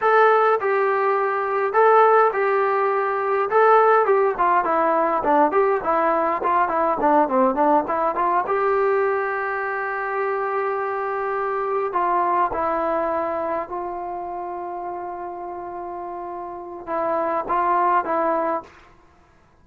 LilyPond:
\new Staff \with { instrumentName = "trombone" } { \time 4/4 \tempo 4 = 103 a'4 g'2 a'4 | g'2 a'4 g'8 f'8 | e'4 d'8 g'8 e'4 f'8 e'8 | d'8 c'8 d'8 e'8 f'8 g'4.~ |
g'1~ | g'8 f'4 e'2 f'8~ | f'1~ | f'4 e'4 f'4 e'4 | }